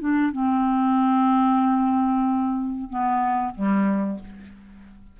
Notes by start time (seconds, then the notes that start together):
0.00 D4
0.32 C4
2.90 B3
3.55 G3